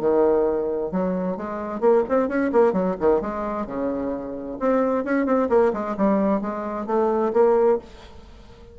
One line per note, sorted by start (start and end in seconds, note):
0.00 0.91 D#3
0.91 1.37 F#3
1.37 1.80 G#3
1.80 2.03 A#3
2.09 2.28 C4
2.28 2.51 C#4
2.53 2.73 A#3
2.73 2.96 F#3
3.00 3.21 D#3
3.21 3.67 G#3
3.67 4.58 C#3
4.59 5.04 C4
5.04 5.26 C#4
5.26 5.49 C4
5.49 5.72 A#3
5.73 5.96 G#3
5.97 6.41 G3
6.41 6.86 G#3
6.86 7.32 A3
7.33 7.79 A#3